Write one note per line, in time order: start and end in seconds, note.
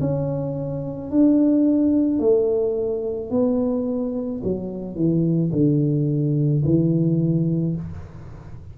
0.00 1.11 C#4
1.11 2.19 D4
2.19 3.30 A3
3.30 4.41 B3
4.43 4.95 F#3
4.95 5.51 E3
5.52 6.63 D3
6.65 7.76 E3